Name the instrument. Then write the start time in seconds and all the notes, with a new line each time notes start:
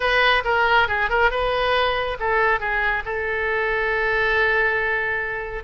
oboe
0.00 B4
0.44 A#4
0.88 G#4
1.09 A#4
1.30 B4
2.19 A4
2.59 G#4
3.05 A4